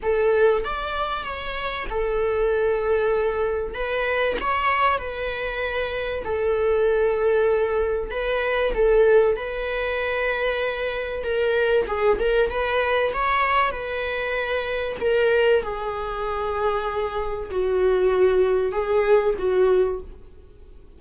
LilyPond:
\new Staff \with { instrumentName = "viola" } { \time 4/4 \tempo 4 = 96 a'4 d''4 cis''4 a'4~ | a'2 b'4 cis''4 | b'2 a'2~ | a'4 b'4 a'4 b'4~ |
b'2 ais'4 gis'8 ais'8 | b'4 cis''4 b'2 | ais'4 gis'2. | fis'2 gis'4 fis'4 | }